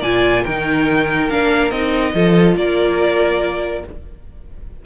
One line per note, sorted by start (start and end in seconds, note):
0.00 0.44 A#2
0.00 0.47 F4
0.00 0.43 D5
0.00 0.45 G#5
0.43 1.30 D#3
0.43 1.29 D#4
0.43 2.13 A#4
0.43 1.30 G5
1.29 1.71 A#3
1.29 1.72 D4
1.29 1.71 F5
1.71 2.14 C4
1.71 2.14 D#4
1.71 2.56 D#5
2.14 2.56 F3
2.14 3.85 F4
2.14 2.58 A4
2.56 3.83 A#3
2.56 3.85 A#4
2.56 3.85 D5